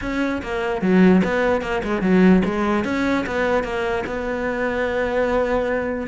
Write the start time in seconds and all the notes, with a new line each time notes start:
0.01 C#4
0.42 A#3
0.81 F#3
1.24 B3
1.61 A#3
1.83 G#3
2.01 F#3
2.44 G#3
2.84 C#4
3.26 B3
3.63 A#3
4.06 B3